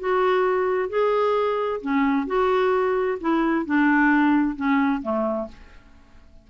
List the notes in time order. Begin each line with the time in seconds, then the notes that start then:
0.00 F#4
0.90 G#4
1.81 C#4
2.27 F#4
3.21 E4
3.66 D4
4.56 C#4
5.02 A3